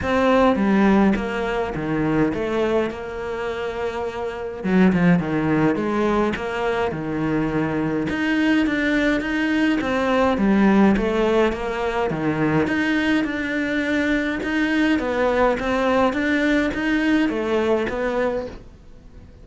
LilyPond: \new Staff \with { instrumentName = "cello" } { \time 4/4 \tempo 4 = 104 c'4 g4 ais4 dis4 | a4 ais2. | fis8 f8 dis4 gis4 ais4 | dis2 dis'4 d'4 |
dis'4 c'4 g4 a4 | ais4 dis4 dis'4 d'4~ | d'4 dis'4 b4 c'4 | d'4 dis'4 a4 b4 | }